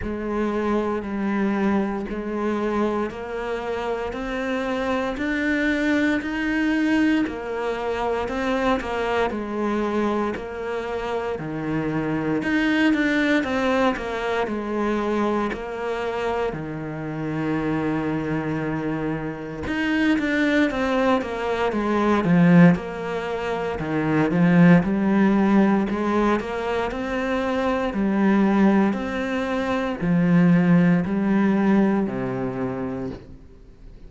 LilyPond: \new Staff \with { instrumentName = "cello" } { \time 4/4 \tempo 4 = 58 gis4 g4 gis4 ais4 | c'4 d'4 dis'4 ais4 | c'8 ais8 gis4 ais4 dis4 | dis'8 d'8 c'8 ais8 gis4 ais4 |
dis2. dis'8 d'8 | c'8 ais8 gis8 f8 ais4 dis8 f8 | g4 gis8 ais8 c'4 g4 | c'4 f4 g4 c4 | }